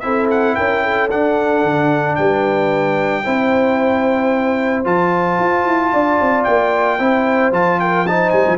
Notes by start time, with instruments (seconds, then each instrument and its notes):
0.00 tuba C4, trombone E4, horn A4, trumpet E5
0.31 trumpet F#5
0.55 tuba C#4, horn A#4, trumpet G5
0.83 horn A4
1.11 tuba D4, trombone D4, trumpet F#5
1.64 tuba D3
2.16 tuba G3, horn B4, trumpet G5
3.24 tuba C4, trombone E4, horn C5
4.85 tuba F3, trombone F4, trumpet A5
5.39 tuba F4
5.66 tuba E4
5.93 tuba D4, horn D5
6.21 tuba C4
6.44 tuba A#3, trumpet G5
6.99 tuba C4, trombone E4, horn C5
7.52 tuba F3, trombone F4, trumpet A5
7.80 horn A#4, trumpet G5
8.07 trombone D#4, horn C5, trumpet A5
8.30 tuba G3, trumpet G#5
8.47 tuba F3